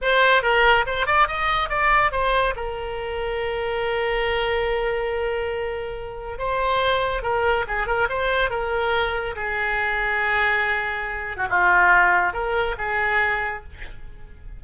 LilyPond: \new Staff \with { instrumentName = "oboe" } { \time 4/4 \tempo 4 = 141 c''4 ais'4 c''8 d''8 dis''4 | d''4 c''4 ais'2~ | ais'1~ | ais'2. c''4~ |
c''4 ais'4 gis'8 ais'8 c''4 | ais'2 gis'2~ | gis'2~ gis'8. fis'16 f'4~ | f'4 ais'4 gis'2 | }